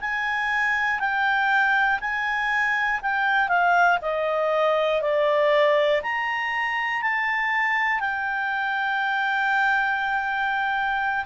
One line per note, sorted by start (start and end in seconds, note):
0.00 0.99 G#5
0.99 1.99 G5
2.00 3.00 G#5
3.01 3.48 G5
3.48 3.98 F5
4.01 5.01 D#5
5.01 6.01 D5
6.02 7.01 A#5
7.01 8.00 A5
8.00 11.25 G5